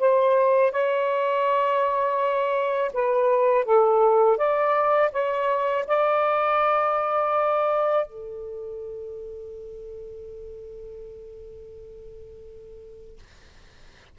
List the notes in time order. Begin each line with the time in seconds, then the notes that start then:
0.00 C5
0.72 C#5
2.94 B4
3.65 A4
4.38 D5
5.13 C#5
5.88 D5
8.07 A4